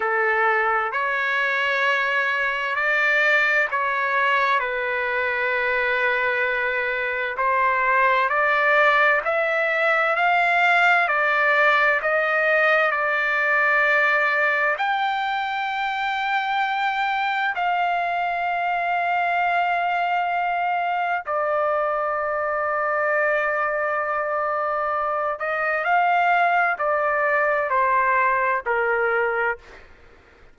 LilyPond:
\new Staff \with { instrumentName = "trumpet" } { \time 4/4 \tempo 4 = 65 a'4 cis''2 d''4 | cis''4 b'2. | c''4 d''4 e''4 f''4 | d''4 dis''4 d''2 |
g''2. f''4~ | f''2. d''4~ | d''2.~ d''8 dis''8 | f''4 d''4 c''4 ais'4 | }